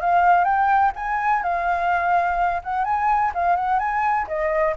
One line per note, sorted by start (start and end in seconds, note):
0.00 0.44 F5
0.44 0.92 G5
0.95 1.42 G#5
1.42 2.61 F5
2.63 2.84 F#5
2.84 3.32 G#5
3.34 3.56 F5
3.56 3.79 F#5
3.79 4.27 G#5
4.27 4.75 D#5